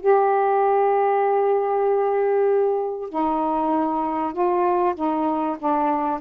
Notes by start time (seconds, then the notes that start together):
0.00 G4
3.09 D#4
4.33 F4
4.95 D#4
5.59 D4